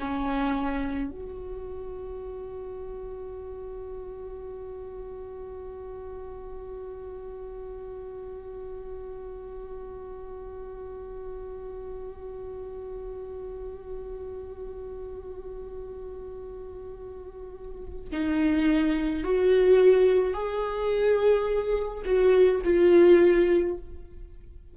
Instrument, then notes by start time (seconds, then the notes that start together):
viola
0.00 C#4
1.11 F#4
18.12 D#4
19.24 F#4
20.34 G#4
22.05 F#4
22.64 F4